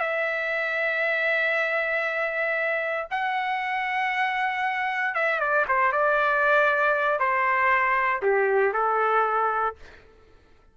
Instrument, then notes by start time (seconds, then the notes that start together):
trumpet
0.00 E5
3.11 F#5
5.15 E5
5.40 D5
5.69 C5
5.93 D5
7.20 C5
8.22 G4
8.73 A4